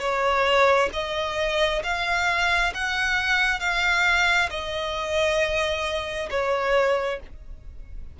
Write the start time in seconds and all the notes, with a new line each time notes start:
0.00 C#5
0.93 D#5
1.84 F5
2.74 F#5
3.60 F5
4.51 D#5
6.30 C#5